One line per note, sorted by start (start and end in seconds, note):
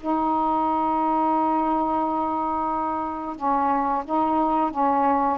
0.00 3.36 D#4
3.36 4.03 C#4
4.05 4.71 D#4
4.71 5.38 C#4